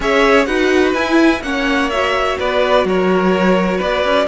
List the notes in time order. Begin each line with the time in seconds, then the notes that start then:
0.00 C#4 G#4 C#5 E5
0.45 D#4 F#4 B4 F#5
0.93 E4 G#5
1.41 A#3 C#4 C#5 F#5
1.90 F#4 E5
2.38 B3 B4 D5
2.84 F#3 A#4 C#5
3.77 B3 B4 D5
4.04 C#4